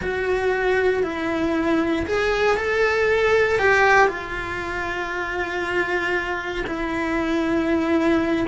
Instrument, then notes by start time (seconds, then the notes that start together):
cello
0.01 F#4
1.03 E4
2.06 G#4
2.56 A4
3.58 G4
4.08 F4
6.67 E4